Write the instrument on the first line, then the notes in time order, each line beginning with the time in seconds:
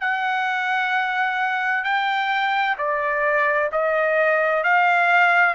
trumpet
0.00 F#5
1.84 G5
2.78 D5
3.72 D#5
4.64 F5